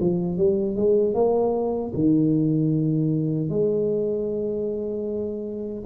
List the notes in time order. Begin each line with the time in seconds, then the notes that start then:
0.00 F3
0.38 G3
0.76 G#3
1.14 A#3
1.94 D#3
3.50 G#3